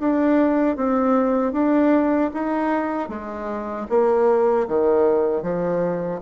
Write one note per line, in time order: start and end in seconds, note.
0.00 0.77 D4
0.77 1.53 C4
1.53 2.31 D4
2.34 3.09 D#4
3.09 3.87 G#3
3.89 4.67 A#3
4.68 5.42 D#3
5.42 6.21 F3